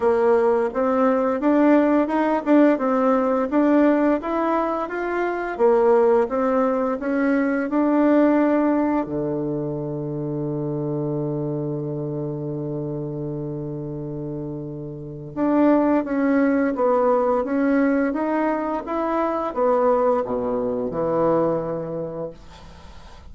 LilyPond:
\new Staff \with { instrumentName = "bassoon" } { \time 4/4 \tempo 4 = 86 ais4 c'4 d'4 dis'8 d'8 | c'4 d'4 e'4 f'4 | ais4 c'4 cis'4 d'4~ | d'4 d2.~ |
d1~ | d2 d'4 cis'4 | b4 cis'4 dis'4 e'4 | b4 b,4 e2 | }